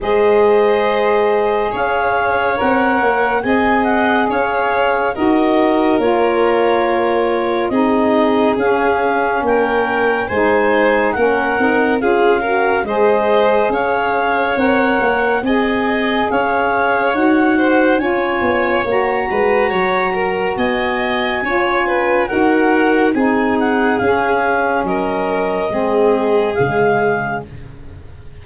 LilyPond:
<<
  \new Staff \with { instrumentName = "clarinet" } { \time 4/4 \tempo 4 = 70 dis''2 f''4 fis''4 | gis''8 fis''8 f''4 dis''4 cis''4~ | cis''4 dis''4 f''4 g''4 | gis''4 fis''4 f''4 dis''4 |
f''4 fis''4 gis''4 f''4 | fis''4 gis''4 ais''2 | gis''2 fis''4 gis''8 fis''8 | f''4 dis''2 f''4 | }
  \new Staff \with { instrumentName = "violin" } { \time 4/4 c''2 cis''2 | dis''4 cis''4 ais'2~ | ais'4 gis'2 ais'4 | c''4 ais'4 gis'8 ais'8 c''4 |
cis''2 dis''4 cis''4~ | cis''8 c''8 cis''4. b'8 cis''8 ais'8 | dis''4 cis''8 b'8 ais'4 gis'4~ | gis'4 ais'4 gis'2 | }
  \new Staff \with { instrumentName = "saxophone" } { \time 4/4 gis'2. ais'4 | gis'2 fis'4 f'4~ | f'4 dis'4 cis'2 | dis'4 cis'8 dis'8 f'8 fis'8 gis'4~ |
gis'4 ais'4 gis'2 | fis'4 f'4 fis'2~ | fis'4 f'4 fis'4 dis'4 | cis'2 c'4 gis4 | }
  \new Staff \with { instrumentName = "tuba" } { \time 4/4 gis2 cis'4 c'8 ais8 | c'4 cis'4 dis'4 ais4~ | ais4 c'4 cis'4 ais4 | gis4 ais8 c'8 cis'4 gis4 |
cis'4 c'8 ais8 c'4 cis'4 | dis'4 cis'8 b8 ais8 gis8 fis4 | b4 cis'4 dis'4 c'4 | cis'4 fis4 gis4 cis4 | }
>>